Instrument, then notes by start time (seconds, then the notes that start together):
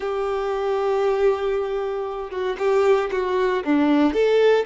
violin
0.00 G4
2.30 F#4
2.58 G4
3.11 F#4
3.64 D4
4.13 A4